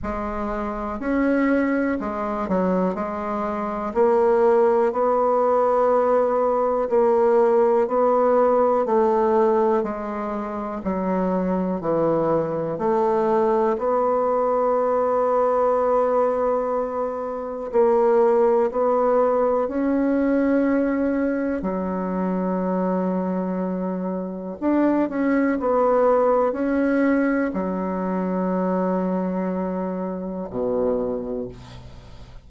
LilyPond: \new Staff \with { instrumentName = "bassoon" } { \time 4/4 \tempo 4 = 61 gis4 cis'4 gis8 fis8 gis4 | ais4 b2 ais4 | b4 a4 gis4 fis4 | e4 a4 b2~ |
b2 ais4 b4 | cis'2 fis2~ | fis4 d'8 cis'8 b4 cis'4 | fis2. b,4 | }